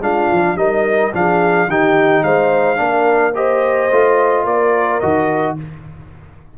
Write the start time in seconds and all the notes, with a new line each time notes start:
0.00 G#3 D4 F4 F5
0.32 F3
0.56 G3 D#4 A#4 D#5
1.13 F3 D4 G#4 F5
1.67 D#3 D#4 G4 G5
2.23 G#3 C5 F5
2.76 A#3 D4 A#4
3.35 G4 C5 D#5
3.91 A3 F4
4.44 A#3 A#4 D5
5.00 D#3 F#4 D#5